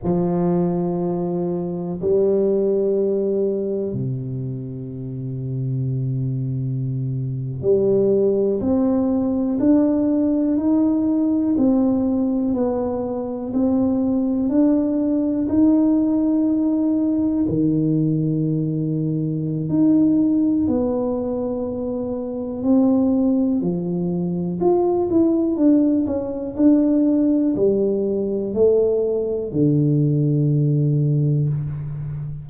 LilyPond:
\new Staff \with { instrumentName = "tuba" } { \time 4/4 \tempo 4 = 61 f2 g2 | c2.~ c8. g16~ | g8. c'4 d'4 dis'4 c'16~ | c'8. b4 c'4 d'4 dis'16~ |
dis'4.~ dis'16 dis2~ dis16 | dis'4 b2 c'4 | f4 f'8 e'8 d'8 cis'8 d'4 | g4 a4 d2 | }